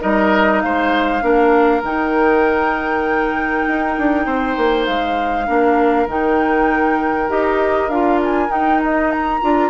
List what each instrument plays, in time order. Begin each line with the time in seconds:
0.00 bassoon G3, clarinet D#4, oboe A#4, flute D#5
0.61 bassoon G#3, oboe C5, flute F5
1.21 bassoon A#3, clarinet D4, oboe A#4
1.82 bassoon D#3, clarinet D#4, flute G5
3.67 bassoon D#4
3.98 bassoon D4
4.26 bassoon C4, oboe C5
4.57 bassoon A#3
4.86 bassoon G#3, flute F5
5.46 bassoon A#3, clarinet D4, oboe A#4
6.07 bassoon D#3, clarinet D#4, flute G5
7.29 bassoon D#4, clarinet G4, flute D#5
7.89 bassoon D4, clarinet F4, flute F5
8.24 flute G#5
8.48 clarinet D#4, bassoon D#4, flute G5
8.83 flute D#5
9.11 flute A#5
9.41 bassoon D4, clarinet F4